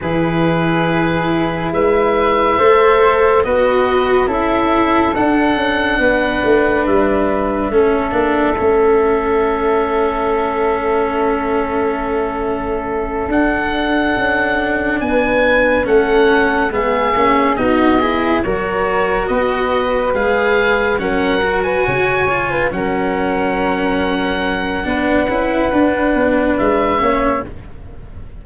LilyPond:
<<
  \new Staff \with { instrumentName = "oboe" } { \time 4/4 \tempo 4 = 70 b'2 e''2 | dis''4 e''4 fis''2 | e''1~ | e''2.~ e''8 fis''8~ |
fis''4. gis''4 fis''4 e''8~ | e''8 dis''4 cis''4 dis''4 f''8~ | f''8 fis''8. gis''4~ gis''16 fis''4.~ | fis''2. e''4 | }
  \new Staff \with { instrumentName = "flute" } { \time 4/4 gis'2 b'4 c''4 | b'4 a'2 b'4~ | b'4 a'2.~ | a'1~ |
a'4. b'4 a'4 gis'8~ | gis'8 fis'8 gis'8 ais'4 b'4.~ | b'8 ais'8. b'16 cis''8. b'16 ais'4.~ | ais'4 b'2~ b'8 cis''8 | }
  \new Staff \with { instrumentName = "cello" } { \time 4/4 e'2. a'4 | fis'4 e'4 d'2~ | d'4 cis'8 d'8 cis'2~ | cis'2.~ cis'8 d'8~ |
d'2~ d'8 cis'4 b8 | cis'8 dis'8 e'8 fis'2 gis'8~ | gis'8 cis'8 fis'4 f'8 cis'4.~ | cis'4 d'8 e'8 d'4. cis'8 | }
  \new Staff \with { instrumentName = "tuba" } { \time 4/4 e2 gis4 a4 | b4 cis'4 d'8 cis'8 b8 a8 | g4 a8 ais8 a2~ | a2.~ a8 d'8~ |
d'8 cis'4 b4 a4 gis8 | ais8 b4 fis4 b4 gis8~ | gis8 fis4 cis4 fis4.~ | fis4 b8 cis'8 d'8 b8 gis8 ais8 | }
>>